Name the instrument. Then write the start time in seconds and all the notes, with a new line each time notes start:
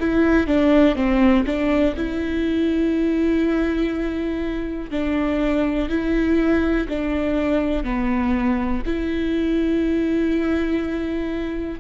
viola
0.00 E4
0.47 D4
0.96 C4
1.46 D4
1.97 E4
4.91 D4
5.89 E4
6.89 D4
7.84 B3
8.86 E4